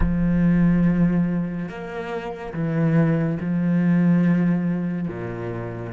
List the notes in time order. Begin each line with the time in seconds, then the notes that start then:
0.00 F3
1.68 A#3
2.54 E3
3.40 F3
5.08 A#2